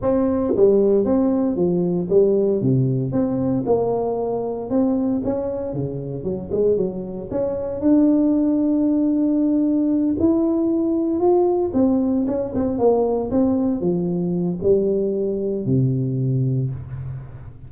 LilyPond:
\new Staff \with { instrumentName = "tuba" } { \time 4/4 \tempo 4 = 115 c'4 g4 c'4 f4 | g4 c4 c'4 ais4~ | ais4 c'4 cis'4 cis4 | fis8 gis8 fis4 cis'4 d'4~ |
d'2.~ d'8 e'8~ | e'4. f'4 c'4 cis'8 | c'8 ais4 c'4 f4. | g2 c2 | }